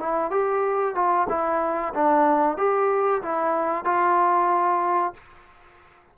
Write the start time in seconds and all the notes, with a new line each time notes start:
0.00 E4
0.31 G4
0.96 F4
1.29 E4
1.95 D4
2.58 G4
3.23 E4
3.85 F4